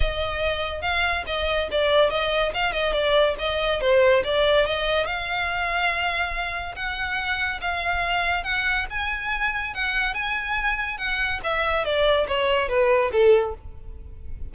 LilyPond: \new Staff \with { instrumentName = "violin" } { \time 4/4 \tempo 4 = 142 dis''2 f''4 dis''4 | d''4 dis''4 f''8 dis''8 d''4 | dis''4 c''4 d''4 dis''4 | f''1 |
fis''2 f''2 | fis''4 gis''2 fis''4 | gis''2 fis''4 e''4 | d''4 cis''4 b'4 a'4 | }